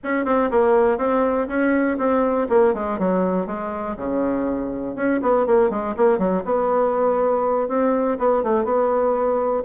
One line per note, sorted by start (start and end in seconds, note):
0.03 0.25 C#4
0.25 0.50 C4
0.50 0.98 A#3
0.98 1.47 C4
1.47 1.97 C#4
1.97 2.47 C4
2.49 2.74 A#3
2.74 2.99 G#3
2.99 3.46 F#3
3.46 3.96 G#3
3.96 4.95 C#3
4.95 5.20 C#4
5.22 5.46 B3
5.46 5.69 A#3
5.69 5.94 G#3
5.96 6.18 A#3
6.18 6.43 F#3
6.44 7.68 B3
7.68 8.18 C4
8.18 8.43 B3
8.43 8.64 A3
8.64 9.63 B3